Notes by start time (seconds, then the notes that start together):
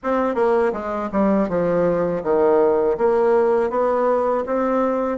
0.03 C4
0.35 A#3
0.72 G#3
1.11 G3
1.48 F3
2.23 D#3
2.97 A#3
3.70 B3
4.46 C4